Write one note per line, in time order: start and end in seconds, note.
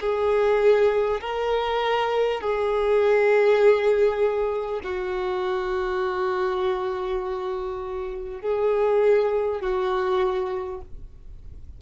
0.00 1.20 G#4
1.20 2.40 A#4
2.40 4.80 G#4
4.83 8.41 F#4
8.41 9.61 G#4
9.61 10.81 F#4